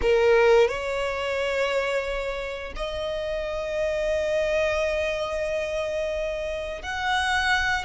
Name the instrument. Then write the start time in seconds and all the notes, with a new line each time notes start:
violin
0.01 A#4
0.68 C#5
2.76 D#5
6.82 F#5